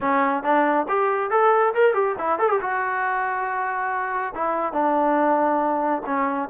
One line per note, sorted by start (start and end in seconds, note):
0.00 0.43 C#4
0.43 0.86 D4
0.88 1.30 G4
1.30 1.73 A4
1.74 1.94 A#4
1.94 2.15 G4
2.18 2.39 E4
2.39 2.49 A4
2.49 2.59 G4
2.61 4.33 F#4
4.34 4.73 E4
4.73 6.02 D4
6.06 6.49 C#4